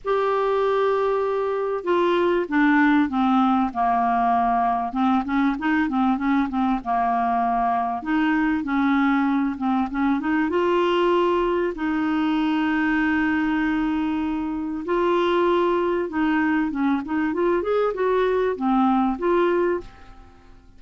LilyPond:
\new Staff \with { instrumentName = "clarinet" } { \time 4/4 \tempo 4 = 97 g'2. f'4 | d'4 c'4 ais2 | c'8 cis'8 dis'8 c'8 cis'8 c'8 ais4~ | ais4 dis'4 cis'4. c'8 |
cis'8 dis'8 f'2 dis'4~ | dis'1 | f'2 dis'4 cis'8 dis'8 | f'8 gis'8 fis'4 c'4 f'4 | }